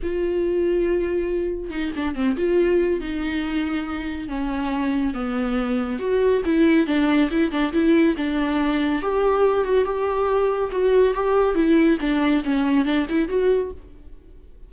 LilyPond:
\new Staff \with { instrumentName = "viola" } { \time 4/4 \tempo 4 = 140 f'1 | dis'8 d'8 c'8 f'4. dis'4~ | dis'2 cis'2 | b2 fis'4 e'4 |
d'4 e'8 d'8 e'4 d'4~ | d'4 g'4. fis'8 g'4~ | g'4 fis'4 g'4 e'4 | d'4 cis'4 d'8 e'8 fis'4 | }